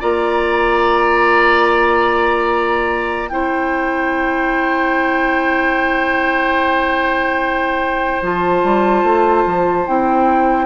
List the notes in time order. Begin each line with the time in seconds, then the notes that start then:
0.00 A#3 F4 D5 A#5
3.28 C4 E4 C5 G5
8.21 F3 F4 A5
8.63 G3
9.03 A3
9.46 F3
9.86 C4 E4 G5